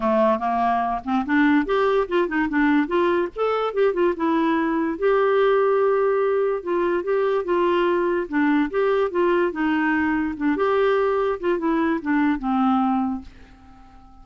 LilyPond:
\new Staff \with { instrumentName = "clarinet" } { \time 4/4 \tempo 4 = 145 a4 ais4. c'8 d'4 | g'4 f'8 dis'8 d'4 f'4 | a'4 g'8 f'8 e'2 | g'1 |
f'4 g'4 f'2 | d'4 g'4 f'4 dis'4~ | dis'4 d'8 g'2 f'8 | e'4 d'4 c'2 | }